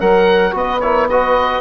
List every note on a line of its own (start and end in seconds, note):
0.00 0.53 F#3
0.00 0.51 A#4
0.00 0.54 A#4
0.00 0.54 F#5
0.51 1.61 B3
0.51 0.78 F#4
0.51 0.81 B4
0.51 0.80 D#5
0.80 1.10 E4
0.80 1.09 A#4
0.80 1.07 C#5
1.09 1.61 F#4
1.09 1.61 B4
1.09 1.61 D#5